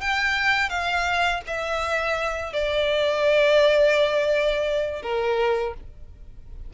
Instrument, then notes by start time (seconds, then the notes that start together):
violin
0.00 G5
0.69 F5
1.46 E5
2.53 D5
5.02 A#4